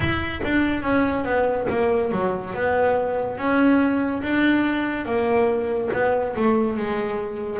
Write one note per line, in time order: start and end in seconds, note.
0.00 0.40 E4
0.43 0.82 D4
0.82 1.24 C#4
1.24 1.66 B3
1.69 2.11 A#3
2.11 2.54 F#3
2.54 3.37 B3
3.37 4.22 C#4
4.22 5.05 D4
5.05 5.90 A#3
5.93 6.35 B3
6.36 6.76 A3
6.76 7.59 G#3